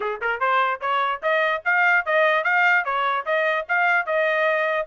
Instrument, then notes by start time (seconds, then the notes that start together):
trumpet
0.00 G#4
0.21 A#4
0.39 C5
0.81 C#5
1.22 D#5
1.65 F5
2.05 D#5
2.44 F5
2.84 C#5
3.25 D#5
3.68 F5
4.06 D#5